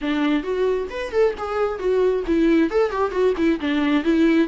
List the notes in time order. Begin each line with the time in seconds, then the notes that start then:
0.01 D4
0.43 F#4
0.90 B4
1.11 A4
1.37 G#4
1.78 F#4
2.27 E4
2.70 A4
2.91 G4
3.11 F#4
3.37 E4
3.60 D4
4.04 E4